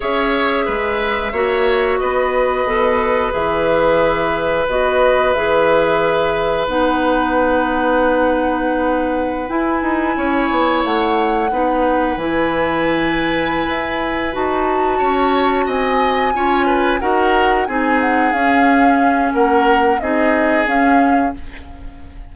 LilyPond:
<<
  \new Staff \with { instrumentName = "flute" } { \time 4/4 \tempo 4 = 90 e''2. dis''4~ | dis''4 e''2 dis''4 | e''2 fis''2~ | fis''2~ fis''16 gis''4.~ gis''16~ |
gis''16 fis''2 gis''4.~ gis''16~ | gis''4. a''2 gis''8~ | gis''4. fis''4 gis''8 fis''8 f''8~ | f''4 fis''4 dis''4 f''4 | }
  \new Staff \with { instrumentName = "oboe" } { \time 4/4 cis''4 b'4 cis''4 b'4~ | b'1~ | b'1~ | b'2.~ b'16 cis''8.~ |
cis''4~ cis''16 b'2~ b'8.~ | b'2~ b'8 cis''4 dis''8~ | dis''8 cis''8 b'8 ais'4 gis'4.~ | gis'4 ais'4 gis'2 | }
  \new Staff \with { instrumentName = "clarinet" } { \time 4/4 gis'2 fis'2 | a'4 gis'2 fis'4 | gis'2 dis'2~ | dis'2~ dis'16 e'4.~ e'16~ |
e'4~ e'16 dis'4 e'4.~ e'16~ | e'4. fis'2~ fis'8~ | fis'8 f'4 fis'4 dis'4 cis'8~ | cis'2 dis'4 cis'4 | }
  \new Staff \with { instrumentName = "bassoon" } { \time 4/4 cis'4 gis4 ais4 b4 | b,4 e2 b4 | e2 b2~ | b2~ b16 e'8 dis'8 cis'8 b16~ |
b16 a4 b4 e4.~ e16~ | e8 e'4 dis'4 cis'4 c'8~ | c'8 cis'4 dis'4 c'4 cis'8~ | cis'4 ais4 c'4 cis'4 | }
>>